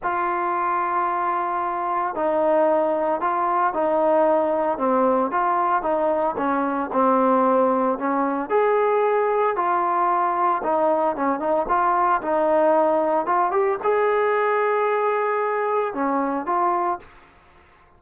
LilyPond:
\new Staff \with { instrumentName = "trombone" } { \time 4/4 \tempo 4 = 113 f'1 | dis'2 f'4 dis'4~ | dis'4 c'4 f'4 dis'4 | cis'4 c'2 cis'4 |
gis'2 f'2 | dis'4 cis'8 dis'8 f'4 dis'4~ | dis'4 f'8 g'8 gis'2~ | gis'2 cis'4 f'4 | }